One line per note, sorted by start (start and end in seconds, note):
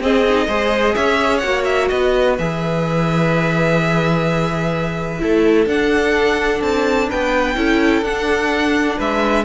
0.00 0.47 C4
0.00 0.25 C4
0.00 0.47 G#4
0.00 0.95 D#5
0.29 0.48 D#4
0.47 0.95 G#3
0.47 1.43 G#4
0.47 0.95 C5
0.95 1.44 C#4
0.95 1.90 C#5
0.95 1.38 E5
1.38 1.91 A#3
1.38 2.38 F#4
1.38 1.62 F#5
1.64 1.88 E5
1.89 2.38 B3
1.89 5.21 B4
1.89 2.36 D#5
2.38 5.22 E3
2.38 5.19 G#4
2.38 5.68 E5
5.19 5.66 A3
5.19 5.67 E4
5.19 7.09 A4
5.66 6.60 D4
5.66 7.56 D4
5.66 6.62 F#5
6.61 7.08 C4
6.61 7.09 A5
7.09 7.56 B3
7.09 7.56 B4
7.09 8.04 G5
7.56 8.02 C#4
7.56 8.03 E4
7.56 8.97 A4
8.02 8.96 D4
8.02 9.45 D4
8.02 8.98 F#5
8.97 9.45 G#3
8.97 9.45 B4
8.97 9.45 E5